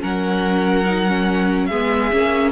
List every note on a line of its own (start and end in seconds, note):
0.00 1.70 F#3
0.00 0.85 C#4
0.00 1.68 A#4
0.00 1.66 F#5
0.85 1.06 D#4
1.07 1.71 C#4
1.66 2.12 G#3
1.66 2.11 B3
1.66 2.52 G#4
1.66 2.51 E5
2.11 2.52 A#3
2.11 2.52 C#4